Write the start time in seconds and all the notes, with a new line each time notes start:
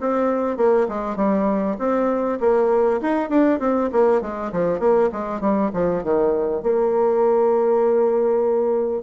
0.00 C4
0.57 A#3
0.89 G#3
1.16 G3
1.78 C4
2.40 A#3
3.01 D#4
3.29 D4
3.59 C4
3.92 A#3
4.21 G#3
4.52 F3
4.79 A#3
5.12 G#3
5.40 G3
5.73 F3
6.03 D#3
6.63 A#3